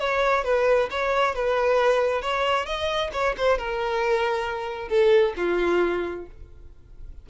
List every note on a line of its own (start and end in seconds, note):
0.00 0.44 C#5
0.44 0.89 B4
0.91 1.35 C#5
1.35 2.22 B4
2.22 2.66 C#5
2.66 3.11 D#5
3.13 3.35 C#5
3.37 3.59 C5
3.59 4.89 A#4
4.89 5.34 A4
5.37 6.26 F4